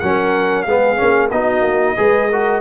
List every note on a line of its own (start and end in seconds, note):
0.00 0.66 F#3
0.00 0.68 C#4
0.00 0.67 A#4
0.00 0.63 F#5
0.63 0.99 G#3
0.63 1.32 G#4
0.63 1.28 F5
0.69 0.97 B3
0.97 1.32 A#3
0.97 1.30 C#4
1.31 1.62 B3
1.31 1.97 D#4
1.31 1.97 F#4
1.31 2.61 D#5
1.62 1.95 A#3
1.97 2.61 G#3
1.97 2.29 G#4
1.97 2.29 B4
2.29 2.61 F#4
2.29 2.61 A#4